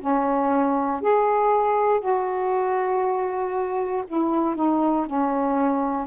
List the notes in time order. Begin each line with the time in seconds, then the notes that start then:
0.00 C#4
1.01 G#4
2.01 F#4
4.07 E4
4.56 D#4
5.07 C#4